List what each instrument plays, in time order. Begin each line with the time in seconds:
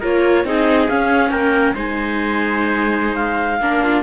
0.00 cello A#3, viola F4, trumpet A#4, clarinet C#5
0.45 cello C4, viola D#4, trumpet G#4, clarinet D#5
0.88 viola C#4, cello C#4, clarinet F5
1.30 cello A#3, trumpet A#4, clarinet G5
1.75 cello G#3, viola D#4, trumpet C5, clarinet G#5
3.15 clarinet F5
3.60 cello A#3, viola D4, trumpet A#4
3.84 trumpet F4